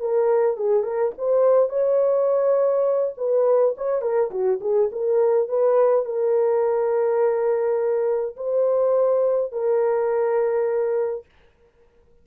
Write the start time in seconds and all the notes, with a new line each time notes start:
0.00 A#4
0.57 G#4
0.83 A#4
1.18 C5
1.69 C#5
3.17 B4
3.77 C#5
4.01 A#4
4.31 F#4
4.61 G#4
4.92 A#4
5.48 B4
6.05 A#4
8.36 C5
9.52 A#4